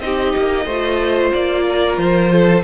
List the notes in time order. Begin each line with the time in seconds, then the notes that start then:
0.00 C4 D#4 G4 D#5
0.36 A#3
0.65 A3 F4 C5
1.33 A#3 D5
1.68 A#4
1.97 F3 C5
2.32 A4